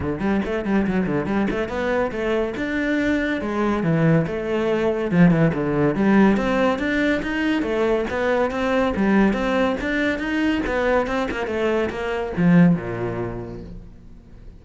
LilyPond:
\new Staff \with { instrumentName = "cello" } { \time 4/4 \tempo 4 = 141 d8 g8 a8 g8 fis8 d8 g8 a8 | b4 a4 d'2 | gis4 e4 a2 | f8 e8 d4 g4 c'4 |
d'4 dis'4 a4 b4 | c'4 g4 c'4 d'4 | dis'4 b4 c'8 ais8 a4 | ais4 f4 ais,2 | }